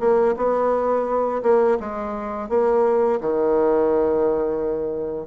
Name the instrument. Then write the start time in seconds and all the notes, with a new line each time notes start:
bassoon
0.00 A#3
0.37 B3
1.43 A#3
1.80 G#3
2.49 A#3
3.21 D#3